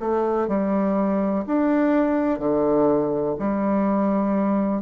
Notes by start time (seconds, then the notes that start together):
0.00 A3
0.48 G3
1.47 D4
2.39 D3
3.40 G3